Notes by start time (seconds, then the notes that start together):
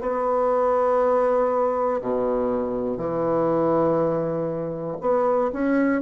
0.00 B3
2.00 B2
2.97 E3
5.00 B3
5.53 C#4